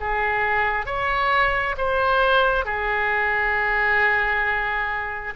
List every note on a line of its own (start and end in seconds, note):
0.00 0.85 G#4
0.85 1.75 C#5
1.77 2.65 C5
2.65 5.34 G#4